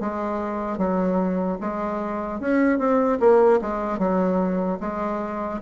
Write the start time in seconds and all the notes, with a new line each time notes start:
0.00 G#3
0.77 F#3
1.60 G#3
2.40 C#4
2.78 C4
3.20 A#3
3.61 G#3
3.99 F#3
4.80 G#3